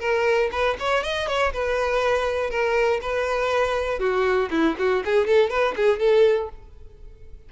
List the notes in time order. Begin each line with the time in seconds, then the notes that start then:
0.00 A#4
0.52 B4
0.80 C#5
1.04 D#5
1.28 C#5
1.53 B4
2.50 A#4
3.02 B4
4.00 F#4
4.51 E4
4.79 F#4
5.05 G#4
5.27 A4
5.50 B4
5.77 G#4
6.00 A4